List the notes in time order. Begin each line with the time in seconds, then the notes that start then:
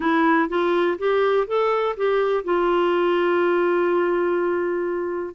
0.00 E4
0.49 F4
0.98 G4
1.47 A4
1.96 G4
2.43 F4